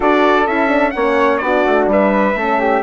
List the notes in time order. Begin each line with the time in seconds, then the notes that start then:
0.00 D4 F#4 A4 D5
0.47 C#4 E4 E5
0.68 D4
0.90 A#3 C#4 C#5 F#5
1.37 B3 D4 F#4 D5
1.65 A3
1.87 G3 B4 E5
2.35 A3 C#4 A4
2.59 G4